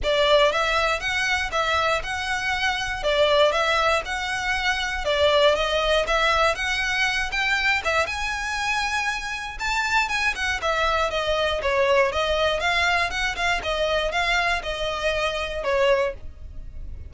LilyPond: \new Staff \with { instrumentName = "violin" } { \time 4/4 \tempo 4 = 119 d''4 e''4 fis''4 e''4 | fis''2 d''4 e''4 | fis''2 d''4 dis''4 | e''4 fis''4. g''4 e''8 |
gis''2. a''4 | gis''8 fis''8 e''4 dis''4 cis''4 | dis''4 f''4 fis''8 f''8 dis''4 | f''4 dis''2 cis''4 | }